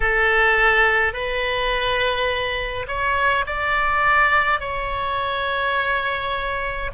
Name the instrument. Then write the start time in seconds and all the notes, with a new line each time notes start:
oboe
0.00 A4
1.13 B4
2.87 C#5
3.46 D5
4.59 C#5